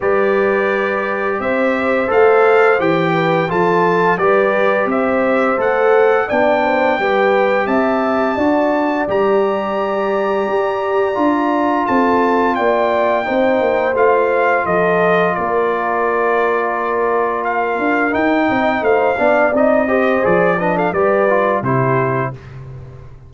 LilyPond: <<
  \new Staff \with { instrumentName = "trumpet" } { \time 4/4 \tempo 4 = 86 d''2 e''4 f''4 | g''4 a''4 d''4 e''4 | fis''4 g''2 a''4~ | a''4 ais''2.~ |
ais''4 a''4 g''2 | f''4 dis''4 d''2~ | d''4 f''4 g''4 f''4 | dis''4 d''8 dis''16 f''16 d''4 c''4 | }
  \new Staff \with { instrumentName = "horn" } { \time 4/4 b'2 c''2~ | c''8 b'8 a'4 b'4 c''4~ | c''4 d''8 c''8 b'4 e''4 | d''1~ |
d''4 a'4 d''4 c''4~ | c''4 a'4 ais'2~ | ais'2~ ais'8 dis''8 c''8 d''8~ | d''8 c''4 b'16 a'16 b'4 g'4 | }
  \new Staff \with { instrumentName = "trombone" } { \time 4/4 g'2. a'4 | g'4 f'4 g'2 | a'4 d'4 g'2 | fis'4 g'2. |
f'2. dis'4 | f'1~ | f'2 dis'4. d'8 | dis'8 g'8 gis'8 d'8 g'8 f'8 e'4 | }
  \new Staff \with { instrumentName = "tuba" } { \time 4/4 g2 c'4 a4 | e4 f4 g4 c'4 | a4 b4 g4 c'4 | d'4 g2 g'4 |
d'4 c'4 ais4 c'8 ais8 | a4 f4 ais2~ | ais4. d'8 dis'8 c'8 a8 b8 | c'4 f4 g4 c4 | }
>>